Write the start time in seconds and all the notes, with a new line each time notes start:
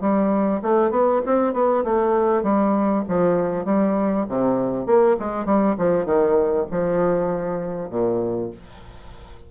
0.00 G3
0.62 A3
0.90 B3
1.25 C4
1.53 B3
1.84 A3
2.43 G3
3.08 F3
3.65 G3
4.28 C3
4.86 A#3
5.19 G#3
5.45 G3
5.78 F3
6.05 D#3
6.71 F3
7.90 A#2